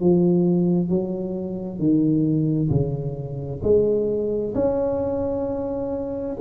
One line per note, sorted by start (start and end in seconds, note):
0.00 0.89 F3
0.89 1.79 F#3
1.79 2.69 D#3
2.70 3.61 C#3
3.62 4.53 G#3
4.55 6.36 C#4